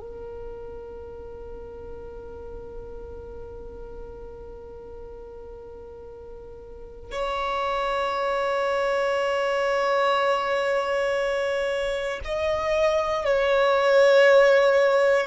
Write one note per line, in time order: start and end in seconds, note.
0.00 7.11 A#4
7.11 12.19 C#5
12.24 13.25 D#5
13.25 15.26 C#5